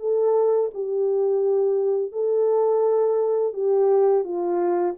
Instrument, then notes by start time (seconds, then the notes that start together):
horn
0.00 A4
0.74 G4
2.12 A4
3.54 G4
4.24 F4